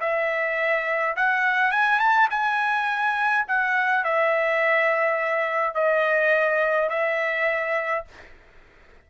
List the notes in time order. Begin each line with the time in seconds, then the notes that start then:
0.00 E5
1.16 F#5
1.72 G#5
1.99 A5
2.30 G#5
3.48 F#5
4.04 E5
5.75 D#5
6.89 E5